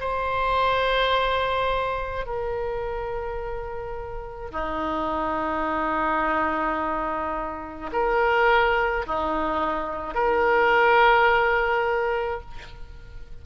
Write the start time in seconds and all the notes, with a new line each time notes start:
0.00 C5
2.26 A#4
4.51 D#4
7.92 A#4
9.07 D#4
10.15 A#4